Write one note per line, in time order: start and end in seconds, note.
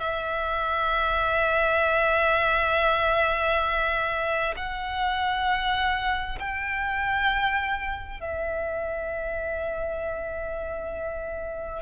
0.00 4.55 E5
4.57 6.38 F#5
6.39 8.20 G5
8.20 11.82 E5